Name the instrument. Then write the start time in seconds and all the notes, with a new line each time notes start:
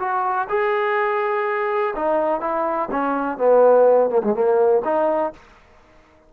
trombone
0.00 F#4
0.49 G#4
1.96 D#4
2.41 E4
2.92 C#4
3.38 B3
4.11 A#3
4.24 G#3
4.34 A#3
4.85 D#4